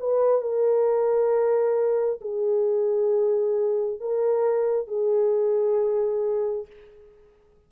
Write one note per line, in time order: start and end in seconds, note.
0.00 0.42 B4
0.42 2.21 A#4
2.21 4.00 G#4
4.01 4.88 A#4
4.88 6.67 G#4